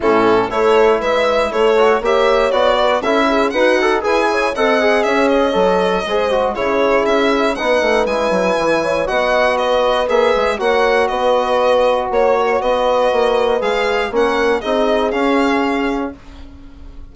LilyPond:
<<
  \new Staff \with { instrumentName = "violin" } { \time 4/4 \tempo 4 = 119 a'4 cis''4 e''4 cis''4 | e''4 d''4 e''4 fis''4 | gis''4 fis''4 e''8 dis''4.~ | dis''4 cis''4 e''4 fis''4 |
gis''2 fis''4 dis''4 | e''4 fis''4 dis''2 | cis''4 dis''2 f''4 | fis''4 dis''4 f''2 | }
  \new Staff \with { instrumentName = "horn" } { \time 4/4 e'4 a'4 b'4 a'4 | cis''4. b'8 a'8 gis'8 fis'4 | b'8 cis''8 dis''4 cis''2 | c''4 gis'2 b'4~ |
b'4. cis''8 dis''4 b'4~ | b'4 cis''4 b'2 | cis''4 b'2. | ais'4 gis'2. | }
  \new Staff \with { instrumentName = "trombone" } { \time 4/4 cis'4 e'2~ e'8 fis'8 | g'4 fis'4 e'4 b'8 a'8 | gis'4 a'8 gis'4. a'4 | gis'8 fis'8 e'2 dis'4 |
e'2 fis'2 | gis'4 fis'2.~ | fis'2. gis'4 | cis'4 dis'4 cis'2 | }
  \new Staff \with { instrumentName = "bassoon" } { \time 4/4 a,4 a4 gis4 a4 | ais4 b4 cis'4 dis'4 | e'4 c'4 cis'4 fis4 | gis4 cis4 cis'4 b8 a8 |
gis8 fis8 e4 b2 | ais8 gis8 ais4 b2 | ais4 b4 ais4 gis4 | ais4 c'4 cis'2 | }
>>